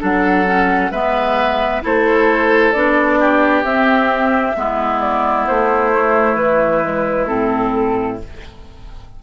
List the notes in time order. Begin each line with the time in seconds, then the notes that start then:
0.00 F#3 D4 A4 F#5
0.46 C#4
0.90 G#3 B3 B4 E5
1.82 A3 E4 A4 C5
2.72 B3 D4 D5
3.20 G4
3.63 C4 E5
4.55 G#3 B3 E4
5.00 D5
5.47 A3 C5
5.93 A3
6.35 E3 B4
6.83 G#3
7.27 A2 C4 A4